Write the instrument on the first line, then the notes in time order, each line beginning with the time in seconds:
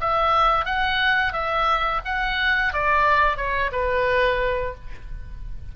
oboe
0.00 E5
0.65 F#5
1.33 E5
2.05 F#5
2.73 D5
3.37 C#5
3.72 B4